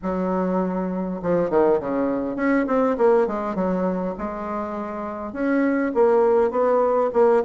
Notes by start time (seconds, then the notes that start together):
0.02 F#3
1.22 F3
1.50 D#3
1.80 C#3
2.36 C#4
2.66 C4
2.97 A#3
3.27 G#3
3.55 F#3
4.18 G#3
5.32 C#4
5.94 A#3
6.50 B3
7.13 A#3